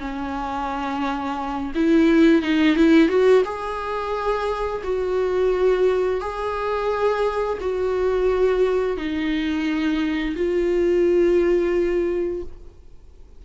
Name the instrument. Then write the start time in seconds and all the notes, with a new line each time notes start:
viola
0.00 C#4
1.75 E4
2.43 D#4
2.76 E4
3.09 F#4
3.45 G#4
4.84 F#4
6.21 G#4
7.61 F#4
8.97 D#4
10.36 F4